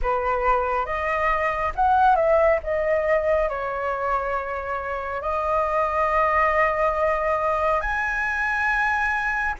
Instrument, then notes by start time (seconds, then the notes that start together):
flute
0.02 B4
0.85 D#5
1.75 F#5
2.15 E5
2.63 D#5
3.49 C#5
5.21 D#5
7.80 G#5